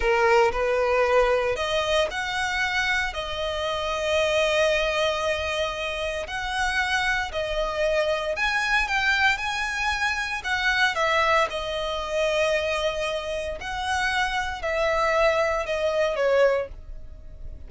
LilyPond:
\new Staff \with { instrumentName = "violin" } { \time 4/4 \tempo 4 = 115 ais'4 b'2 dis''4 | fis''2 dis''2~ | dis''1 | fis''2 dis''2 |
gis''4 g''4 gis''2 | fis''4 e''4 dis''2~ | dis''2 fis''2 | e''2 dis''4 cis''4 | }